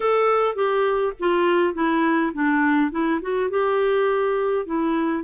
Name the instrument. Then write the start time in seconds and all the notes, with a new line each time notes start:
clarinet
0.00 A4
0.55 G4
1.19 F4
1.74 E4
2.33 D4
2.91 E4
3.21 F#4
3.50 G4
4.66 E4